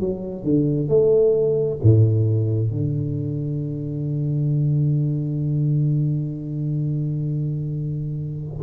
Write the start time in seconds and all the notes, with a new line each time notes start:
0.00 F#3
0.44 D3
0.88 A3
1.83 A2
2.71 D3